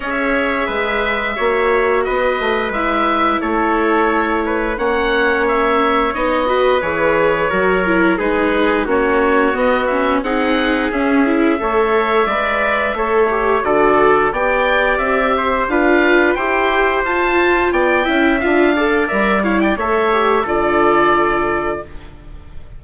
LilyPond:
<<
  \new Staff \with { instrumentName = "oboe" } { \time 4/4 \tempo 4 = 88 e''2. dis''4 | e''4 cis''2 fis''4 | e''4 dis''4 cis''2 | b'4 cis''4 dis''8 e''8 fis''4 |
e''1 | d''4 g''4 e''4 f''4 | g''4 a''4 g''4 f''4 | e''8 f''16 g''16 e''4 d''2 | }
  \new Staff \with { instrumentName = "trumpet" } { \time 4/4 cis''4 b'4 cis''4 b'4~ | b'4 a'4. b'8 cis''4~ | cis''4. b'4. ais'4 | gis'4 fis'2 gis'4~ |
gis'4 cis''4 d''4 cis''4 | a'4 d''4. c''8 b'4 | c''2 d''8 e''4 d''8~ | d''8 cis''16 d''16 cis''4 a'2 | }
  \new Staff \with { instrumentName = "viola" } { \time 4/4 gis'2 fis'2 | e'2. cis'4~ | cis'4 dis'8 fis'8 gis'4 fis'8 e'8 | dis'4 cis'4 b8 cis'8 dis'4 |
cis'8 e'8 a'4 b'4 a'8 g'8 | fis'4 g'2 f'4 | g'4 f'4. e'8 f'8 a'8 | ais'8 e'8 a'8 g'8 f'2 | }
  \new Staff \with { instrumentName = "bassoon" } { \time 4/4 cis'4 gis4 ais4 b8 a8 | gis4 a2 ais4~ | ais4 b4 e4 fis4 | gis4 ais4 b4 c'4 |
cis'4 a4 gis4 a4 | d4 b4 c'4 d'4 | e'4 f'4 b8 cis'8 d'4 | g4 a4 d2 | }
>>